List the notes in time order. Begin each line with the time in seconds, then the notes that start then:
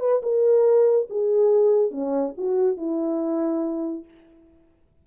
0.00 B4
0.23 A#4
1.10 G#4
1.91 C#4
2.38 F#4
2.77 E4